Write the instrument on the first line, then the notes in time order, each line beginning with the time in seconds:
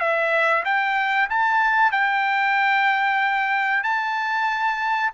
trumpet
0.00 E5
0.65 G5
1.30 A5
1.91 G5
3.83 A5